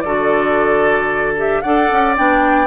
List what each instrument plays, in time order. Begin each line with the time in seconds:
0.00 bassoon D3, clarinet F#4, oboe A4, flute D5
1.36 clarinet G4, flute E5
1.61 bassoon D4, clarinet A4, oboe D5, flute F#5
1.91 bassoon C#4
2.16 bassoon B3, clarinet D4, flute G5